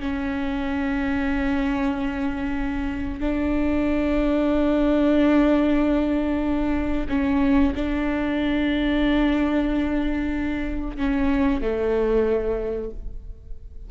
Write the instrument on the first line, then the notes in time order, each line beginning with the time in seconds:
viola
0.00 C#4
3.20 D4
7.09 C#4
7.75 D4
10.97 C#4
11.62 A3